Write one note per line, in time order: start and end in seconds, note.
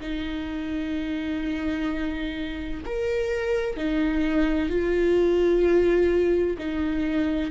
0.00 2.81 D#4
2.85 3.76 A#4
3.76 4.69 D#4
4.69 6.57 F4
6.58 7.50 D#4